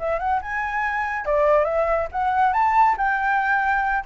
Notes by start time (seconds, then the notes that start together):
0.00 E5
0.19 F#5
0.42 G#5
1.26 D5
1.65 E5
2.12 F#5
2.54 A5
2.98 G5